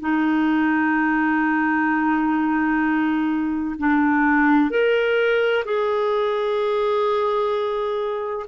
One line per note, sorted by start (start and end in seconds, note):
0.00 3.75 D#4
3.79 4.70 D4
4.70 5.64 A#4
5.65 8.46 G#4